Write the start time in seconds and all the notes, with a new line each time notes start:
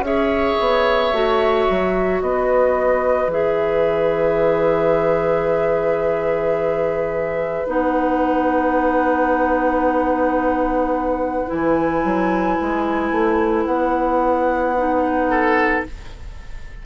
0.00 C#4 G#4 E5
0.06 C#5
0.60 B3
1.13 A3 F#4
1.70 F#3
2.22 B3 B4 D#5
3.28 E3 G#4 E5
7.67 B3 D#4 F#5
11.47 E3 E4 G#5
12.04 F#3
12.61 G#3
13.12 A3
13.65 B3 F#5
14.77 D#4
15.30 A4